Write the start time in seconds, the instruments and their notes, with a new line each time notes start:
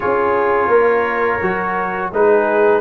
0.00 tuba C#4, trombone F4, horn G#4, trumpet C#5
0.67 tuba A#3, horn A#4
1.41 tuba F#3, trombone F#4
2.12 tuba G#3, trombone D#4, horn G#4, trumpet B4